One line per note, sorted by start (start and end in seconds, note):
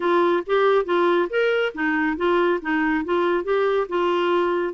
0.00 0.43 F4
0.46 0.85 G4
0.85 1.28 F4
1.29 1.72 A#4
1.74 2.16 D#4
2.16 2.59 F4
2.61 3.04 D#4
3.05 3.44 F4
3.44 3.87 G4
3.88 4.73 F4